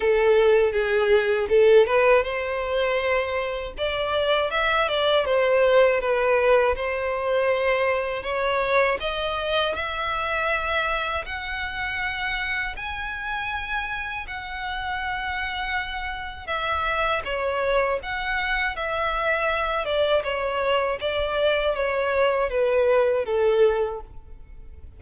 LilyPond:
\new Staff \with { instrumentName = "violin" } { \time 4/4 \tempo 4 = 80 a'4 gis'4 a'8 b'8 c''4~ | c''4 d''4 e''8 d''8 c''4 | b'4 c''2 cis''4 | dis''4 e''2 fis''4~ |
fis''4 gis''2 fis''4~ | fis''2 e''4 cis''4 | fis''4 e''4. d''8 cis''4 | d''4 cis''4 b'4 a'4 | }